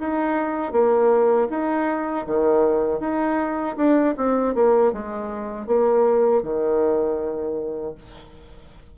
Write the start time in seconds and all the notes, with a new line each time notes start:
0.00 D#4
0.72 A#3
1.50 D#4
2.27 D#3
3.00 D#4
3.77 D4
4.17 C4
4.55 A#3
4.93 G#3
5.67 A#3
6.43 D#3